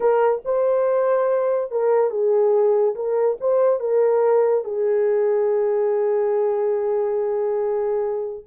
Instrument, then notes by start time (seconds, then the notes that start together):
horn
0.00 A#4
0.45 C5
1.71 A#4
2.10 G#4
2.95 A#4
3.40 C5
3.80 A#4
4.64 G#4